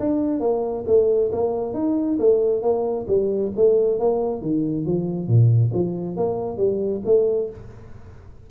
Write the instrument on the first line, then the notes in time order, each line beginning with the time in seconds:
tuba
0.00 D4
0.41 A#3
0.87 A3
1.33 A#3
1.74 D#4
2.20 A3
2.62 A#3
3.08 G3
3.56 A3
4.00 A#3
4.42 D#3
4.86 F3
5.28 A#2
5.74 F3
6.17 A#3
6.58 G3
7.06 A3